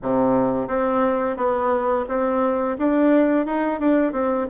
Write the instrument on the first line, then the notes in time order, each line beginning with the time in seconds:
bassoon
0.02 C3
0.67 C4
1.36 B3
2.08 C4
2.78 D4
3.45 D#4
3.79 D4
4.12 C4